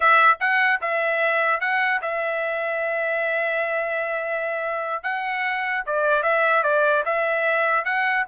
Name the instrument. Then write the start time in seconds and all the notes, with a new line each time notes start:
trumpet
0.00 E5
0.39 F#5
0.81 E5
1.60 F#5
2.01 E5
5.03 F#5
5.85 D5
6.23 E5
6.63 D5
7.05 E5
7.84 F#5